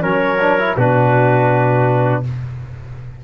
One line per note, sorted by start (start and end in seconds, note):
0.00 0.76 F#3
0.00 0.37 C#4
0.00 0.75 A#4
0.00 0.75 C#5
0.40 0.59 D4
0.59 0.77 E4
0.76 2.23 B2
0.76 2.24 D4
0.76 2.23 F#4
0.76 2.23 B4